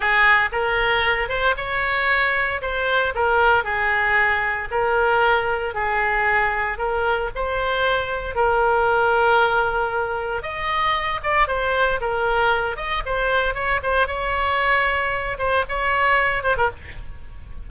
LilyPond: \new Staff \with { instrumentName = "oboe" } { \time 4/4 \tempo 4 = 115 gis'4 ais'4. c''8 cis''4~ | cis''4 c''4 ais'4 gis'4~ | gis'4 ais'2 gis'4~ | gis'4 ais'4 c''2 |
ais'1 | dis''4. d''8 c''4 ais'4~ | ais'8 dis''8 c''4 cis''8 c''8 cis''4~ | cis''4. c''8 cis''4. c''16 ais'16 | }